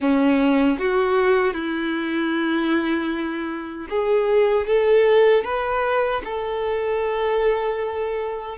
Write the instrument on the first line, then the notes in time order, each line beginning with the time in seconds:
violin
0.00 C#4
0.78 F#4
1.53 E4
3.89 G#4
4.66 A4
5.44 B4
6.24 A4